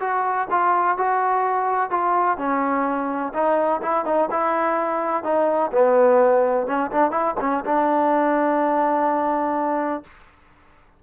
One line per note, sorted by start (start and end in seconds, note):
0.00 0.48 F#4
0.50 0.98 F4
0.98 1.90 F#4
1.90 2.37 F4
2.37 3.33 C#4
3.34 3.81 D#4
3.82 4.05 E4
4.05 4.29 D#4
4.31 5.24 E4
5.24 5.71 D#4
5.72 6.67 B3
6.67 6.91 C#4
6.91 7.11 D4
7.11 7.35 E4
7.41 7.65 C#4
7.65 10.03 D4